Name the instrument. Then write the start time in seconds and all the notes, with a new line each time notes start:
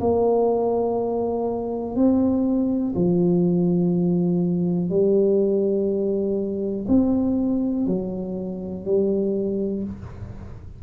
tuba
0.00 A#3
1.95 C4
2.95 F3
4.90 G3
6.88 C4
7.86 F#3
8.85 G3